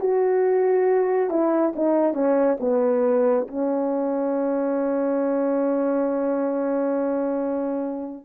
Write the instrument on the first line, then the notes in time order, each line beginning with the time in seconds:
horn
0.00 F#4
1.30 E4
1.76 D#4
2.14 C#4
2.60 B3
3.48 C#4